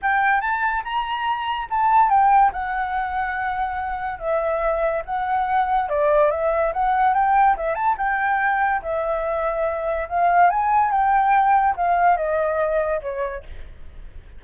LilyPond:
\new Staff \with { instrumentName = "flute" } { \time 4/4 \tempo 4 = 143 g''4 a''4 ais''2 | a''4 g''4 fis''2~ | fis''2 e''2 | fis''2 d''4 e''4 |
fis''4 g''4 e''8 a''8 g''4~ | g''4 e''2. | f''4 gis''4 g''2 | f''4 dis''2 cis''4 | }